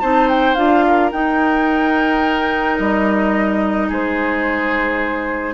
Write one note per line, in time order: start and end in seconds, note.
0.00 0.57 C4
0.00 0.56 D#4
0.00 0.84 C5
0.00 0.28 A5
0.29 0.54 G5
0.54 1.12 D4
0.54 1.12 F4
0.54 1.10 F5
0.87 3.88 A#4
1.12 5.54 D#4
1.12 2.79 D#4
1.12 2.78 G5
2.78 3.90 G3
2.78 3.89 D#5
3.88 5.54 G#3
3.88 5.54 G#4
3.88 5.54 C5